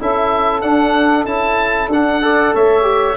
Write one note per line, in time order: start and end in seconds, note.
0.00 0.63 C#4
0.00 0.63 E4
0.00 2.23 A4
0.00 0.62 E5
0.62 1.27 D4
0.62 1.26 D4
0.62 1.26 F#5
1.26 1.89 C#4
1.26 1.90 E4
1.26 1.90 A5
1.89 2.53 D4
1.89 2.22 D4
1.89 2.56 F#5
2.22 2.83 A4
2.22 2.53 D5
2.53 3.17 A3
2.53 3.17 C#5
2.53 3.17 E5
2.83 3.14 G4